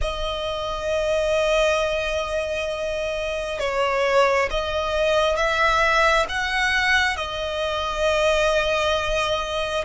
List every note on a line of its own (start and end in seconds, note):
0.01 3.59 D#5
3.59 4.49 C#5
4.50 5.36 D#5
5.36 6.26 E5
6.28 7.16 F#5
7.16 9.85 D#5